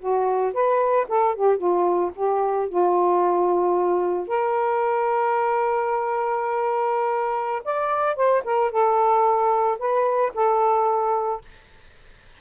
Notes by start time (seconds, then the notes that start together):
0.00 F#4
0.54 B4
1.09 A4
1.36 G4
1.58 F4
2.16 G4
2.69 F4
4.28 A#4
7.65 D5
8.16 C5
8.45 A#4
8.72 A4
9.79 B4
10.35 A4